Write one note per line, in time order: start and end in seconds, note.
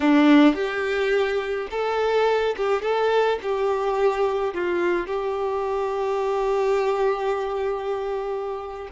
0.00 0.54 D4
0.54 1.67 G4
1.70 2.55 A4
2.56 2.82 G4
2.82 3.38 A4
3.42 4.54 G4
4.54 5.07 F4
5.07 8.89 G4